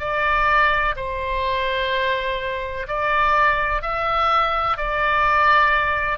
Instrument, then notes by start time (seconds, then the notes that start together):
oboe
0.00 D5
0.97 C5
2.88 D5
3.82 E5
4.77 D5